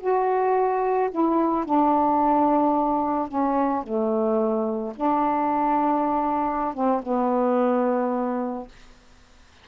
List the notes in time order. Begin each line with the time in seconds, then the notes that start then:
0.00 F#4
1.11 E4
1.65 D4
3.28 C#4
3.84 A3
4.96 D4
6.74 C4
7.03 B3